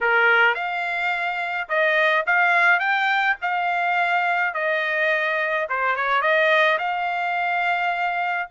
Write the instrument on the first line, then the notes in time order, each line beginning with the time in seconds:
trumpet
0.00 A#4
0.54 F5
1.68 D#5
2.26 F5
2.79 G5
3.41 F5
4.54 D#5
5.69 C5
5.96 C#5
6.21 D#5
6.78 F5